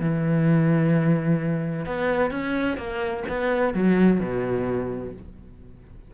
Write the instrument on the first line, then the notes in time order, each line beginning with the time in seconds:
cello
0.00 E3
1.86 B3
2.31 C#4
2.77 A#3
3.29 B3
3.74 F#3
4.20 B2